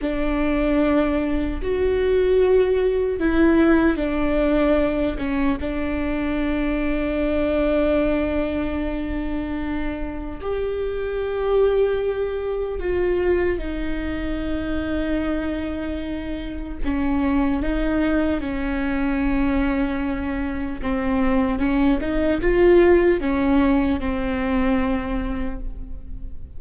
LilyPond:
\new Staff \with { instrumentName = "viola" } { \time 4/4 \tempo 4 = 75 d'2 fis'2 | e'4 d'4. cis'8 d'4~ | d'1~ | d'4 g'2. |
f'4 dis'2.~ | dis'4 cis'4 dis'4 cis'4~ | cis'2 c'4 cis'8 dis'8 | f'4 cis'4 c'2 | }